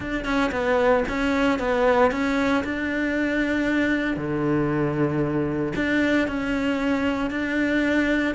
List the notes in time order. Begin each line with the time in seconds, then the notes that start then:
0.00 D4
0.24 C#4
0.51 B3
1.08 C#4
1.59 B3
2.11 C#4
2.63 D4
4.16 D3
5.75 D4
6.27 C#4
7.30 D4